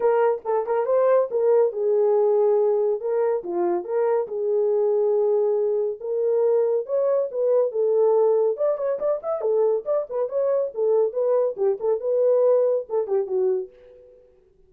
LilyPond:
\new Staff \with { instrumentName = "horn" } { \time 4/4 \tempo 4 = 140 ais'4 a'8 ais'8 c''4 ais'4 | gis'2. ais'4 | f'4 ais'4 gis'2~ | gis'2 ais'2 |
cis''4 b'4 a'2 | d''8 cis''8 d''8 e''8 a'4 d''8 b'8 | cis''4 a'4 b'4 g'8 a'8 | b'2 a'8 g'8 fis'4 | }